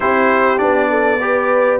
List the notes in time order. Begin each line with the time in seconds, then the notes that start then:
0.00 C4 E4 G4 C5
0.57 B3 D4 D5
0.90 A4
1.21 G4 B4